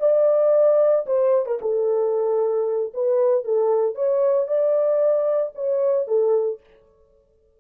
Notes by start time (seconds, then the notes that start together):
0.00 D5
1.06 C5
1.46 A#4
1.61 A4
2.94 B4
3.44 A4
3.95 C#5
4.47 D5
5.55 C#5
6.07 A4